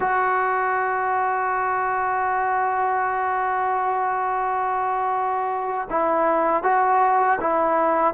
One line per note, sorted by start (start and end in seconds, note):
0.00 5.88 F#4
5.90 6.63 E4
6.63 7.39 F#4
7.40 8.14 E4